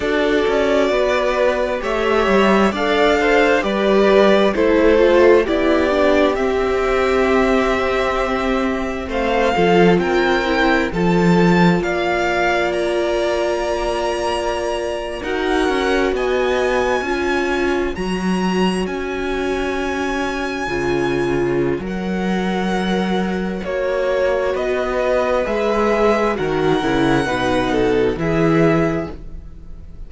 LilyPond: <<
  \new Staff \with { instrumentName = "violin" } { \time 4/4 \tempo 4 = 66 d''2 e''4 f''4 | d''4 c''4 d''4 e''4~ | e''2 f''4 g''4 | a''4 f''4 ais''2~ |
ais''8. fis''4 gis''2 ais''16~ | ais''8. gis''2.~ gis''16 | fis''2 cis''4 dis''4 | e''4 fis''2 e''4 | }
  \new Staff \with { instrumentName = "violin" } { \time 4/4 a'4 b'4 cis''4 d''8 c''8 | b'4 a'4 g'2~ | g'2 c''8 a'8 ais'4 | a'4 d''2.~ |
d''8. ais'4 dis''4 cis''4~ cis''16~ | cis''1~ | cis''2. b'4~ | b'4 ais'4 b'8 a'8 gis'4 | }
  \new Staff \with { instrumentName = "viola" } { \time 4/4 fis'2 g'4 a'4 | g'4 e'8 f'8 e'8 d'8 c'4~ | c'2~ c'8 f'4 e'8 | f'1~ |
f'8. fis'2 f'4 fis'16~ | fis'2~ fis'8. f'4~ f'16 | ais'2 fis'2 | gis'4 fis'8 e'8 dis'4 e'4 | }
  \new Staff \with { instrumentName = "cello" } { \time 4/4 d'8 cis'8 b4 a8 g8 d'4 | g4 a4 b4 c'4~ | c'2 a8 f8 c'4 | f4 ais2.~ |
ais8. dis'8 cis'8 b4 cis'4 fis16~ | fis8. cis'2 cis4~ cis16 | fis2 ais4 b4 | gis4 dis8 cis8 b,4 e4 | }
>>